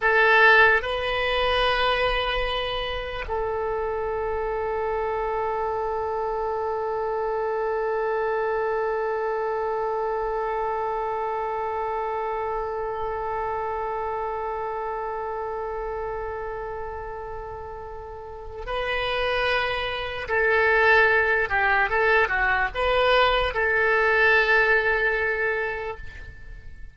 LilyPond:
\new Staff \with { instrumentName = "oboe" } { \time 4/4 \tempo 4 = 74 a'4 b'2. | a'1~ | a'1~ | a'1~ |
a'1~ | a'2. b'4~ | b'4 a'4. g'8 a'8 fis'8 | b'4 a'2. | }